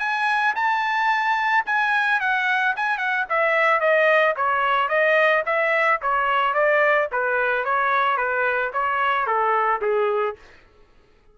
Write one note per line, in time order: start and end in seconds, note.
0.00 0.55 G#5
0.56 1.65 A5
1.66 2.21 G#5
2.21 2.75 F#5
2.77 2.98 G#5
2.98 3.26 F#5
3.30 3.81 E5
3.81 4.35 D#5
4.37 4.89 C#5
4.89 5.44 D#5
5.46 6.01 E5
6.02 6.54 C#5
6.54 7.09 D5
7.13 7.65 B4
7.65 8.18 C#5
8.18 8.72 B4
8.74 9.27 C#5
9.27 9.82 A4
9.82 10.36 G#4